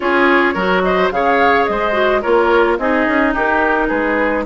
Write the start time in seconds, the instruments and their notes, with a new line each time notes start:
0.00 bassoon C#4, clarinet F4, oboe G#4, flute C#5
0.54 bassoon F#3, clarinet F#4, oboe A#4
0.82 oboe C5, flute D#5
1.11 bassoon C#3, clarinet G#4, oboe C#5, flute F5
1.65 bassoon G#3, oboe C5, flute D#5
1.92 clarinet F#4
2.21 bassoon A#3, clarinet F4, oboe A#4, flute C#5
2.78 bassoon C4, clarinet D#4, oboe G#4, flute D#5
3.07 bassoon C#4
3.33 bassoon D#4, oboe G4, flute A#4
3.87 bassoon G#3, oboe G#4, flute B4